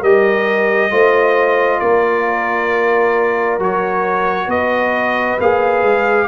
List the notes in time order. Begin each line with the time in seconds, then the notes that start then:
0.00 G3 G4 A#4 D#5
0.90 A3 F4 C5
1.79 A#3 A#4 D5
3.59 F#3 F#4 C#5
4.47 B3 B4 D#5
5.39 A#3 G#4 F5
5.82 G#3